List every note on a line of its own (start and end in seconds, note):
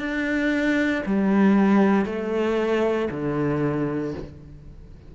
0.00 1.03 D4
1.07 2.06 G3
2.06 3.09 A3
3.11 4.15 D3